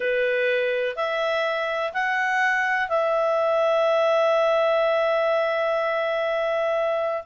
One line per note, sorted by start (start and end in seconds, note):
0.00 0.96 B4
0.96 1.92 E5
1.93 2.88 F#5
2.88 7.24 E5